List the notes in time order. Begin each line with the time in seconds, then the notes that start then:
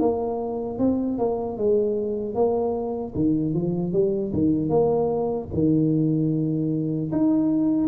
0.00 A#3
0.79 C4
1.18 A#3
1.58 G#3
2.35 A#3
3.15 D#3
3.54 F3
3.93 G3
4.33 D#3
4.70 A#3
5.54 D#3
7.12 D#4